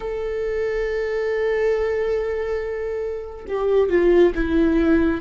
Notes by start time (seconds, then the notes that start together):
0.00 A4
3.48 G4
3.89 F4
4.34 E4